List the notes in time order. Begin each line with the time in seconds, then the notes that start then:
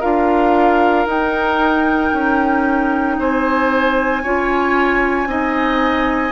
0.00 D4 F4 A#4 F5
1.06 D#4 G5
2.13 C#4
3.19 C4 C5 G#5
4.23 C#4 F4 C#5
5.26 C4 D#4 D#5